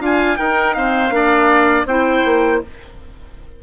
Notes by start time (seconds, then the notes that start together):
0.00 D4 F4 F5 G#5
0.37 D#4 A#4 G5
0.74 C4 C5 F5
1.10 A#3 D4 D5
1.85 C4 E4 C5 G5
2.25 A#3